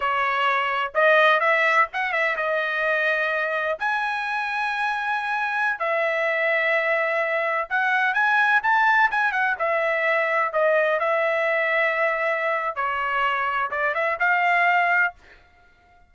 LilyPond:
\new Staff \with { instrumentName = "trumpet" } { \time 4/4 \tempo 4 = 127 cis''2 dis''4 e''4 | fis''8 e''8 dis''2. | gis''1~ | gis''16 e''2.~ e''8.~ |
e''16 fis''4 gis''4 a''4 gis''8 fis''16~ | fis''16 e''2 dis''4 e''8.~ | e''2. cis''4~ | cis''4 d''8 e''8 f''2 | }